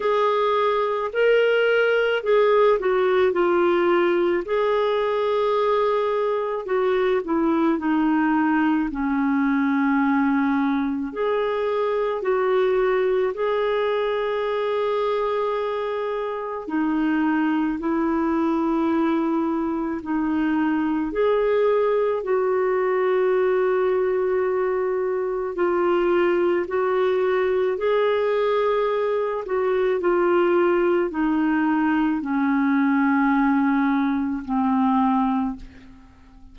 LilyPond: \new Staff \with { instrumentName = "clarinet" } { \time 4/4 \tempo 4 = 54 gis'4 ais'4 gis'8 fis'8 f'4 | gis'2 fis'8 e'8 dis'4 | cis'2 gis'4 fis'4 | gis'2. dis'4 |
e'2 dis'4 gis'4 | fis'2. f'4 | fis'4 gis'4. fis'8 f'4 | dis'4 cis'2 c'4 | }